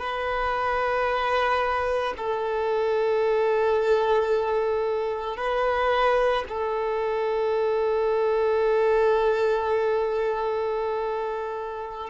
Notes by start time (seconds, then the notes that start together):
0.00 B4
2.18 A4
5.37 B4
6.49 A4